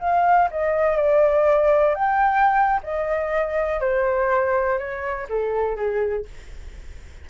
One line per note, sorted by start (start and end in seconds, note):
0.00 0.49 F5
0.51 0.97 D#5
0.97 1.95 D5
1.95 2.81 G5
2.84 3.81 D#5
3.81 4.79 C5
4.79 5.28 C#5
5.30 5.77 A4
5.77 6.26 G#4